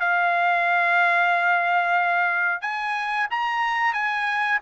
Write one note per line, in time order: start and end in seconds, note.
0.00 2.62 F5
2.62 3.28 G#5
3.31 3.94 A#5
3.94 4.59 G#5